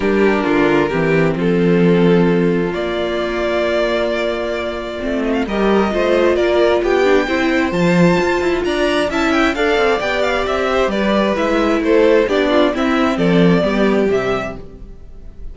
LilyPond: <<
  \new Staff \with { instrumentName = "violin" } { \time 4/4 \tempo 4 = 132 ais'2. a'4~ | a'2 d''2~ | d''2.~ d''8 dis''16 f''16 | dis''2 d''4 g''4~ |
g''4 a''2 ais''4 | a''8 g''8 f''4 g''8 f''8 e''4 | d''4 e''4 c''4 d''4 | e''4 d''2 e''4 | }
  \new Staff \with { instrumentName = "violin" } { \time 4/4 g'4 f'4 g'4 f'4~ | f'1~ | f'1 | ais'4 c''4 ais'4 g'4 |
c''2. d''4 | e''4 d''2~ d''8 c''8 | b'2 a'4 g'8 f'8 | e'4 a'4 g'2 | }
  \new Staff \with { instrumentName = "viola" } { \time 4/4 d'2 c'2~ | c'2 ais2~ | ais2. c'4 | g'4 f'2~ f'8 d'8 |
e'4 f'2. | e'4 a'4 g'2~ | g'4 e'2 d'4 | c'2 b4 g4 | }
  \new Staff \with { instrumentName = "cello" } { \time 4/4 g4 d4 e4 f4~ | f2 ais2~ | ais2. a4 | g4 a4 ais4 b4 |
c'4 f4 f'8 e'8 d'4 | cis'4 d'8 c'8 b4 c'4 | g4 gis4 a4 b4 | c'4 f4 g4 c4 | }
>>